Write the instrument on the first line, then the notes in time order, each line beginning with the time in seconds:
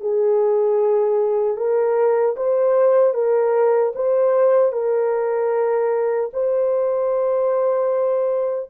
horn
0.00 G#4
1.56 A#4
2.36 C5
3.13 A#4
3.95 C5
4.72 A#4
6.33 C5